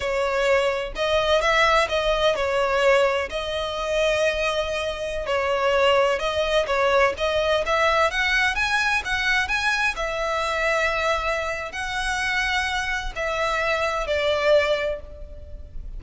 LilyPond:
\new Staff \with { instrumentName = "violin" } { \time 4/4 \tempo 4 = 128 cis''2 dis''4 e''4 | dis''4 cis''2 dis''4~ | dis''2.~ dis''16 cis''8.~ | cis''4~ cis''16 dis''4 cis''4 dis''8.~ |
dis''16 e''4 fis''4 gis''4 fis''8.~ | fis''16 gis''4 e''2~ e''8.~ | e''4 fis''2. | e''2 d''2 | }